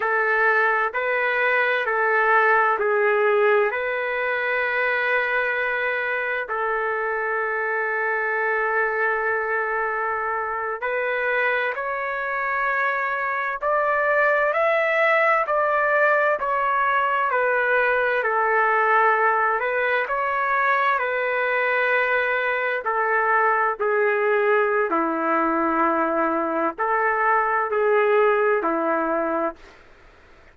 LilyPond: \new Staff \with { instrumentName = "trumpet" } { \time 4/4 \tempo 4 = 65 a'4 b'4 a'4 gis'4 | b'2. a'4~ | a'2.~ a'8. b'16~ | b'8. cis''2 d''4 e''16~ |
e''8. d''4 cis''4 b'4 a'16~ | a'4~ a'16 b'8 cis''4 b'4~ b'16~ | b'8. a'4 gis'4~ gis'16 e'4~ | e'4 a'4 gis'4 e'4 | }